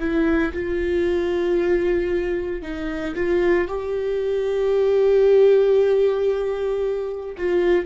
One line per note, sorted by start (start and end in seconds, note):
0.00 0.53 E4
0.54 2.62 F4
2.62 3.15 D#4
3.15 3.68 F4
3.68 7.36 G4
7.38 7.86 F4